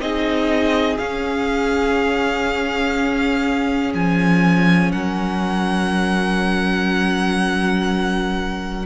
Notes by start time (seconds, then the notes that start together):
0.00 C4 D#4 G#4 D#5
0.98 C#4 F5
3.95 F3 G#5
4.92 F#3 A#4 F#5